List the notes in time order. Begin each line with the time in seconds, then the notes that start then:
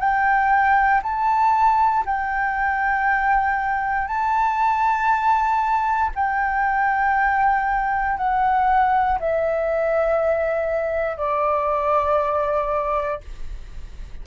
0.00 G5
1.03 A5
2.06 G5
4.08 A5
6.15 G5
8.17 F#5
9.20 E5
11.17 D5